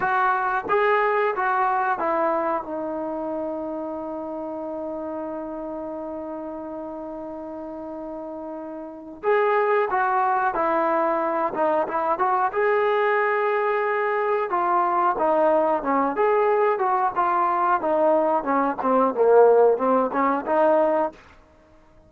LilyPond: \new Staff \with { instrumentName = "trombone" } { \time 4/4 \tempo 4 = 91 fis'4 gis'4 fis'4 e'4 | dis'1~ | dis'1~ | dis'2 gis'4 fis'4 |
e'4. dis'8 e'8 fis'8 gis'4~ | gis'2 f'4 dis'4 | cis'8 gis'4 fis'8 f'4 dis'4 | cis'8 c'8 ais4 c'8 cis'8 dis'4 | }